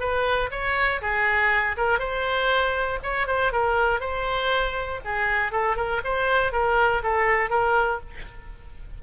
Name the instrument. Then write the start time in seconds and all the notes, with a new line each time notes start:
oboe
0.00 B4
0.51 C#5
1.01 G#4
1.77 A#4
1.99 C5
3.03 C#5
3.27 C5
3.52 A#4
4.00 C5
5.05 G#4
5.52 A4
5.76 A#4
6.04 C5
6.52 A#4
7.03 A4
7.50 A#4